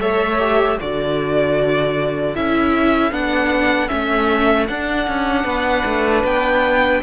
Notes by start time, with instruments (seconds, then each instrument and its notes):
0.00 cello A3, viola A4, violin C#5 E5
0.39 viola G4
0.78 cello D3, viola F#4, violin A4 D5
2.35 cello C#4, viola E4, violin E5
3.12 cello B3, viola D4, violin F#5
3.88 cello A3, viola C#4, violin E5
4.68 cello D4, viola D4, violin F#5
5.08 cello C#4
5.44 cello B3, violin B4
5.85 cello A3
6.24 cello B3, violin G5